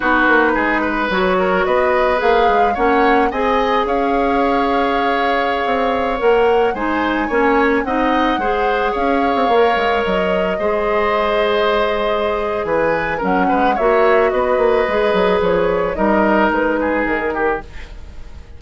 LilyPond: <<
  \new Staff \with { instrumentName = "flute" } { \time 4/4 \tempo 4 = 109 b'2 cis''4 dis''4 | f''4 fis''4 gis''4 f''4~ | f''2.~ f''16 fis''8.~ | fis''16 gis''2 fis''4.~ fis''16~ |
fis''16 f''2 dis''4.~ dis''16~ | dis''2. gis''4 | fis''4 e''4 dis''2 | cis''4 dis''4 b'4 ais'4 | }
  \new Staff \with { instrumentName = "oboe" } { \time 4/4 fis'4 gis'8 b'4 ais'8 b'4~ | b'4 cis''4 dis''4 cis''4~ | cis''1~ | cis''16 c''4 cis''4 dis''4 c''8.~ |
c''16 cis''2. c''8.~ | c''2. b'4 | ais'8 b'8 cis''4 b'2~ | b'4 ais'4. gis'4 g'8 | }
  \new Staff \with { instrumentName = "clarinet" } { \time 4/4 dis'2 fis'2 | gis'4 cis'4 gis'2~ | gis'2.~ gis'16 ais'8.~ | ais'16 dis'4 cis'4 dis'4 gis'8.~ |
gis'4~ gis'16 ais'2 gis'8.~ | gis'1 | cis'4 fis'2 gis'4~ | gis'4 dis'2. | }
  \new Staff \with { instrumentName = "bassoon" } { \time 4/4 b8 ais8 gis4 fis4 b4 | ais8 gis8 ais4 c'4 cis'4~ | cis'2~ cis'16 c'4 ais8.~ | ais16 gis4 ais4 c'4 gis8.~ |
gis16 cis'8. c'16 ais8 gis8 fis4 gis8.~ | gis2. e4 | fis8 gis8 ais4 b8 ais8 gis8 fis8 | f4 g4 gis4 dis4 | }
>>